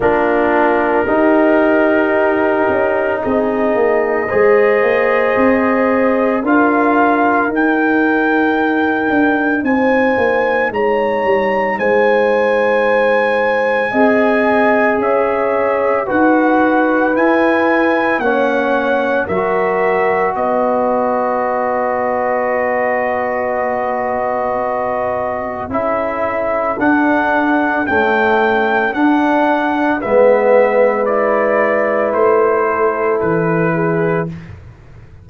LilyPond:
<<
  \new Staff \with { instrumentName = "trumpet" } { \time 4/4 \tempo 4 = 56 ais'2. dis''4~ | dis''2 f''4 g''4~ | g''4 gis''4 ais''4 gis''4~ | gis''2 e''4 fis''4 |
gis''4 fis''4 e''4 dis''4~ | dis''1 | e''4 fis''4 g''4 fis''4 | e''4 d''4 c''4 b'4 | }
  \new Staff \with { instrumentName = "horn" } { \time 4/4 f'4 g'2 gis'4 | c''2 ais'2~ | ais'4 c''4 cis''4 c''4~ | c''4 dis''4 cis''4 b'4~ |
b'4 cis''4 ais'4 b'4~ | b'1 | a'1 | b'2~ b'8 a'4 gis'8 | }
  \new Staff \with { instrumentName = "trombone" } { \time 4/4 d'4 dis'2. | gis'2 f'4 dis'4~ | dis'1~ | dis'4 gis'2 fis'4 |
e'4 cis'4 fis'2~ | fis'1 | e'4 d'4 a4 d'4 | b4 e'2. | }
  \new Staff \with { instrumentName = "tuba" } { \time 4/4 ais4 dis'4. cis'8 c'8 ais8 | gis8 ais8 c'4 d'4 dis'4~ | dis'8 d'8 c'8 ais8 gis8 g8 gis4~ | gis4 c'4 cis'4 dis'4 |
e'4 ais4 fis4 b4~ | b1 | cis'4 d'4 cis'4 d'4 | gis2 a4 e4 | }
>>